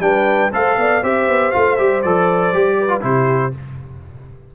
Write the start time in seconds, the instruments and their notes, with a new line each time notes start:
0.00 tuba G3, trombone D4, horn B4, trumpet G5
0.52 tuba A3, trombone A4, horn C5, trumpet F5
0.77 tuba B3, horn D5
1.03 tuba C4, trombone G4, horn C5, trumpet E5
1.28 tuba B3
1.52 tuba A3, trombone F4, trumpet F5
1.77 tuba G3, trombone G4, trumpet E5
2.03 tuba F3, trombone A4, trumpet D5
2.54 tuba G3, trombone G4
2.80 horn B4
2.88 trombone F4
3.01 tuba C3, trombone E4, horn G4, trumpet C5